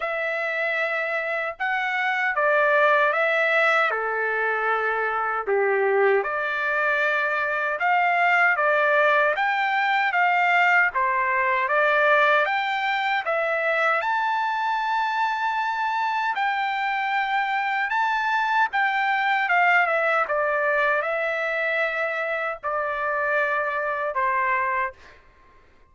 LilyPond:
\new Staff \with { instrumentName = "trumpet" } { \time 4/4 \tempo 4 = 77 e''2 fis''4 d''4 | e''4 a'2 g'4 | d''2 f''4 d''4 | g''4 f''4 c''4 d''4 |
g''4 e''4 a''2~ | a''4 g''2 a''4 | g''4 f''8 e''8 d''4 e''4~ | e''4 d''2 c''4 | }